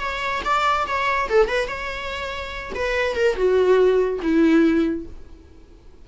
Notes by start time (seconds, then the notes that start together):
0.00 C#5
0.45 D5
0.87 C#5
1.30 A4
1.48 B4
1.68 C#5
2.75 B4
3.16 A#4
3.36 F#4
4.22 E4